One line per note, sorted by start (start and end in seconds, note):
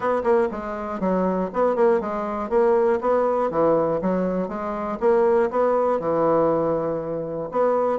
0.00 0.22 B3
0.23 0.48 A#3
0.51 1.00 G#3
1.00 1.50 F#3
1.53 1.75 B3
1.75 2.00 A#3
2.00 2.49 G#3
2.49 2.99 A#3
3.00 3.50 B3
3.50 4.00 E3
4.01 4.48 F#3
4.48 4.98 G#3
5.00 5.50 A#3
5.50 5.99 B3
5.99 7.49 E3
7.51 7.99 B3